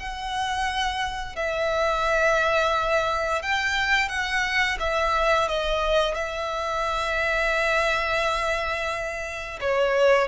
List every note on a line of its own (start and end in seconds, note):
0.00 1.36 F#5
1.36 3.43 E5
3.43 4.09 G5
4.09 4.78 F#5
4.80 5.49 E5
5.49 6.15 D#5
6.15 9.60 E5
9.61 10.29 C#5